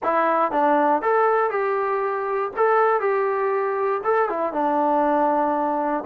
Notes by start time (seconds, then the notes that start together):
0.03 E4
0.51 D4
1.02 A4
1.50 G4
2.56 A4
3.00 G4
4.03 A4
4.29 E4
4.52 D4